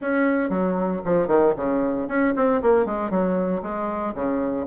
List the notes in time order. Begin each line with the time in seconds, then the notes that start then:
0.01 C#4
0.49 F#3
1.04 F3
1.27 D#3
1.56 C#3
2.08 C#4
2.35 C4
2.61 A#3
2.85 G#3
3.10 F#3
3.62 G#3
4.14 C#3